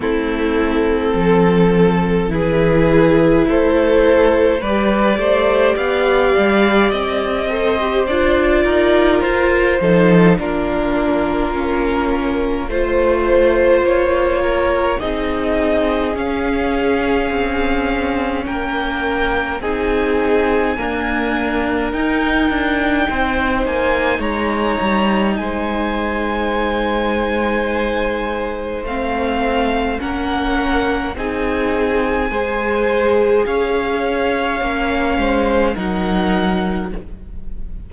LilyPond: <<
  \new Staff \with { instrumentName = "violin" } { \time 4/4 \tempo 4 = 52 a'2 b'4 c''4 | d''4 f''4 dis''4 d''4 | c''4 ais'2 c''4 | cis''4 dis''4 f''2 |
g''4 gis''2 g''4~ | g''8 gis''8 ais''4 gis''2~ | gis''4 f''4 fis''4 gis''4~ | gis''4 f''2 fis''4 | }
  \new Staff \with { instrumentName = "violin" } { \time 4/4 e'4 a'4 gis'4 a'4 | b'8 c''8 d''4. c''4 ais'8~ | ais'8 a'8 f'2 c''4~ | c''8 ais'8 gis'2. |
ais'4 gis'4 ais'2 | c''4 cis''4 c''2~ | c''2 ais'4 gis'4 | c''4 cis''4. c''8 ais'4 | }
  \new Staff \with { instrumentName = "viola" } { \time 4/4 c'2 e'2 | g'2~ g'8 a'16 g'16 f'4~ | f'8 dis'8 d'4 cis'4 f'4~ | f'4 dis'4 cis'2~ |
cis'4 dis'4 ais4 dis'4~ | dis'1~ | dis'4 c'4 cis'4 dis'4 | gis'2 cis'4 dis'4 | }
  \new Staff \with { instrumentName = "cello" } { \time 4/4 a4 f4 e4 a4 | g8 a8 b8 g8 c'4 d'8 dis'8 | f'8 f8 ais2 a4 | ais4 c'4 cis'4 c'4 |
ais4 c'4 d'4 dis'8 d'8 | c'8 ais8 gis8 g8 gis2~ | gis4 a4 ais4 c'4 | gis4 cis'4 ais8 gis8 fis4 | }
>>